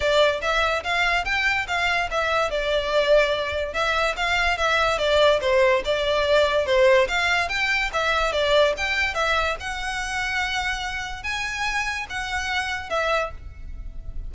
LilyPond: \new Staff \with { instrumentName = "violin" } { \time 4/4 \tempo 4 = 144 d''4 e''4 f''4 g''4 | f''4 e''4 d''2~ | d''4 e''4 f''4 e''4 | d''4 c''4 d''2 |
c''4 f''4 g''4 e''4 | d''4 g''4 e''4 fis''4~ | fis''2. gis''4~ | gis''4 fis''2 e''4 | }